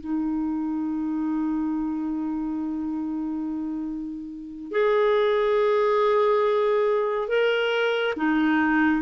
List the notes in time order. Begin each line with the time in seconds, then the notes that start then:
0.00 D#4
4.71 G#4
7.28 A#4
8.16 D#4